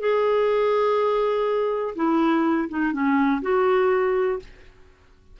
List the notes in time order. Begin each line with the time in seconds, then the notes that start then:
0.00 G#4
1.96 E4
2.70 D#4
2.93 C#4
3.42 F#4